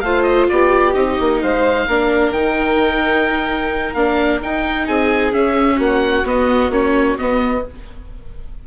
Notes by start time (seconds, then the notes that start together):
0.00 A3 F4 C5 F5
0.23 D#5
0.49 B3 G4 D5
0.94 C4 D#4 D#5
1.20 A#3
1.42 G#3 C5 F5
1.87 A#3 D4 A#4
2.30 D#3 D#4 G5
3.94 A#3 D4 F5
4.42 D#4 G5
4.86 C4 G#4 G#5
5.32 C#4 E5
5.76 A#3 F#4
5.82 F#5
6.24 B3 D#5
6.70 A#3 C#4 C#5
7.18 B3 D#5